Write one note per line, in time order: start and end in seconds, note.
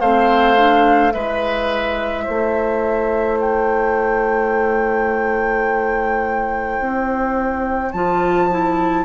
0.00 1.14 A3
0.00 0.56 C4
0.00 1.13 C5
0.00 1.12 F5
0.56 1.11 D4
1.11 2.27 G#3
1.11 7.91 E4
1.11 2.24 B4
1.11 3.39 E5
2.24 6.80 A3
2.24 9.03 C5
3.40 7.92 G5
6.80 7.93 C4
7.92 9.05 F3
7.92 8.50 F4
7.92 9.05 A5
8.50 9.05 E4